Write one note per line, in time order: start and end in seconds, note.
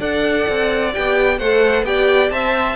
0.00 0.47 D4
0.00 0.92 A4
0.00 1.39 D5
0.00 0.94 F#5
0.49 0.96 C4
0.93 1.40 B3
0.93 1.39 G4
0.93 1.39 G5
1.39 1.84 A3
1.39 1.86 A4
1.39 1.85 C5
1.39 1.85 F#5
1.84 2.30 B3
1.84 2.32 G4
1.84 2.33 D5
1.84 2.31 G5
2.31 2.76 C4
2.31 2.76 C5
2.31 2.76 E5
2.31 2.76 A5